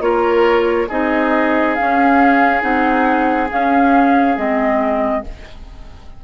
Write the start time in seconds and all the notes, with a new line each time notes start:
0.00 A#3 F4 A#4 C#5
0.88 C4 D#4 G#4 D#5
1.75 C#4 F5
2.60 C4 D#4 F#5
3.50 C#4 F5
4.36 G#3 C4 D#5